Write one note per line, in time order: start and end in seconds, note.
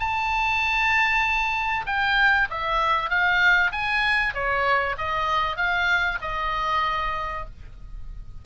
0.00 1.86 A5
1.86 2.48 G5
2.51 3.10 E5
3.10 3.72 F5
3.72 4.34 G#5
4.34 4.96 C#5
4.98 5.56 D#5
5.56 6.18 F5
6.22 7.45 D#5